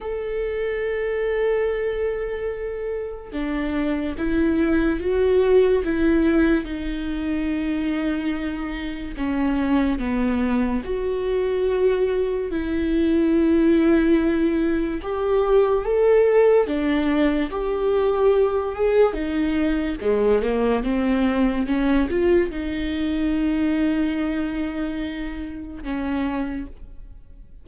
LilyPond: \new Staff \with { instrumentName = "viola" } { \time 4/4 \tempo 4 = 72 a'1 | d'4 e'4 fis'4 e'4 | dis'2. cis'4 | b4 fis'2 e'4~ |
e'2 g'4 a'4 | d'4 g'4. gis'8 dis'4 | gis8 ais8 c'4 cis'8 f'8 dis'4~ | dis'2. cis'4 | }